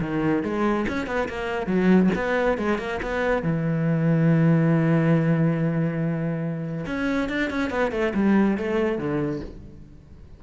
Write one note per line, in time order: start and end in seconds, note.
0.00 0.43 D#3
0.43 0.86 G#3
0.88 1.06 C#4
1.06 1.28 B3
1.28 1.66 A#3
1.66 2.09 F#3
2.15 2.57 B3
2.57 2.78 G#3
2.78 2.99 A#3
3.02 3.42 B3
3.42 6.85 E3
6.86 7.28 C#4
7.28 7.50 D4
7.50 7.70 C#4
7.70 7.91 B3
7.91 8.13 A3
8.14 8.57 G3
8.57 8.98 A3
8.98 9.41 D3